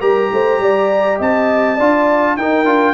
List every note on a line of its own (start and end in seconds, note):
0.00 0.30 G3
0.00 1.77 G4
0.00 0.29 A#4
0.00 1.18 A#5
0.32 0.59 A3
0.32 0.61 C5
0.59 1.18 G3
0.59 1.18 D5
1.18 1.78 C4
1.18 1.76 D#5
1.18 2.36 A5
1.76 2.36 D4
1.76 2.38 F4
1.76 2.35 D5
2.36 2.64 D#4
2.36 2.65 D#4
2.36 2.94 A#4
2.36 2.94 G5
2.64 2.94 D4
2.64 2.94 F4